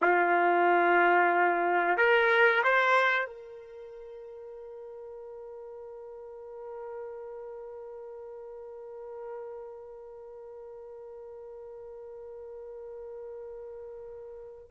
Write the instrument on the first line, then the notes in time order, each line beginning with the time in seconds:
trumpet
0.01 F4
1.97 A#4
2.63 C5
3.26 A#4